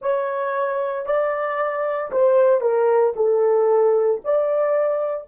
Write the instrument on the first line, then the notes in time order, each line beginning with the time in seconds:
horn
0.01 C#5
1.06 D5
2.11 C5
2.60 A#4
3.16 A4
4.24 D5